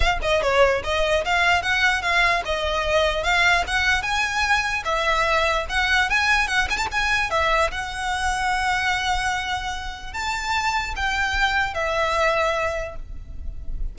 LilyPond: \new Staff \with { instrumentName = "violin" } { \time 4/4 \tempo 4 = 148 f''8 dis''8 cis''4 dis''4 f''4 | fis''4 f''4 dis''2 | f''4 fis''4 gis''2 | e''2 fis''4 gis''4 |
fis''8 gis''16 a''16 gis''4 e''4 fis''4~ | fis''1~ | fis''4 a''2 g''4~ | g''4 e''2. | }